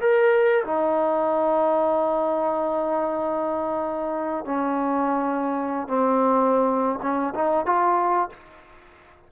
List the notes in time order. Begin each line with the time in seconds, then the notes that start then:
0.00 A#4
0.64 D#4
4.45 C#4
5.88 C4
7.02 C#4
7.34 D#4
7.66 F4